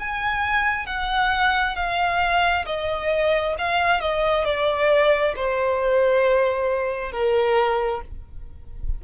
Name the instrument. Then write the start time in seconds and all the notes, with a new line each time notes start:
violin
0.00 G#5
0.87 F#5
1.76 F5
2.66 D#5
3.59 F5
4.01 D#5
4.45 D5
5.36 C5
7.12 A#4